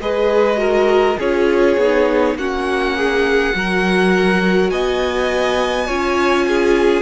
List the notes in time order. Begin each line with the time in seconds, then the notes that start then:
0.00 G#3 G#4 B4 D#5
0.57 F#4 A#4
1.18 C#4 F4 G#4 C#5
1.77 B3 D#4
2.35 A#3 C#4 F#4 F#5
2.97 G#4
3.54 F#3 F#4 A#4
4.70 B3 D#5 G#5
5.87 C#4 F4 C#5
6.48 G#4